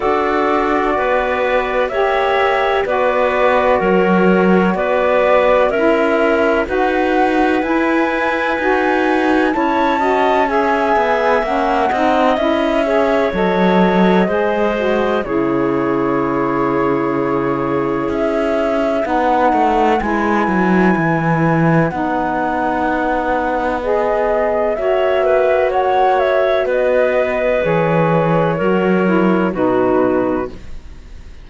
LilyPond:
<<
  \new Staff \with { instrumentName = "flute" } { \time 4/4 \tempo 4 = 63 d''2 e''4 d''4 | cis''4 d''4 e''4 fis''4 | gis''2 a''4 gis''4 | fis''4 e''4 dis''2 |
cis''2. e''4 | fis''4 gis''2 fis''4~ | fis''4 dis''4 e''4 fis''8 e''8 | dis''4 cis''2 b'4 | }
  \new Staff \with { instrumentName = "clarinet" } { \time 4/4 a'4 b'4 cis''4 b'4 | ais'4 b'4 ais'4 b'4~ | b'2 cis''8 dis''8 e''4~ | e''8 dis''4 cis''4. c''4 |
gis'1 | b'1~ | b'2 cis''8 b'8 cis''4 | b'2 ais'4 fis'4 | }
  \new Staff \with { instrumentName = "saxophone" } { \time 4/4 fis'2 g'4 fis'4~ | fis'2 e'4 fis'4 | e'4 fis'4 e'8 fis'8 gis'4 | cis'8 dis'8 e'8 gis'8 a'4 gis'8 fis'8 |
e'1 | dis'4 e'2 dis'4~ | dis'4 gis'4 fis'2~ | fis'4 gis'4 fis'8 e'8 dis'4 | }
  \new Staff \with { instrumentName = "cello" } { \time 4/4 d'4 b4 ais4 b4 | fis4 b4 cis'4 dis'4 | e'4 dis'4 cis'4. b8 | ais8 c'8 cis'4 fis4 gis4 |
cis2. cis'4 | b8 a8 gis8 fis8 e4 b4~ | b2 ais2 | b4 e4 fis4 b,4 | }
>>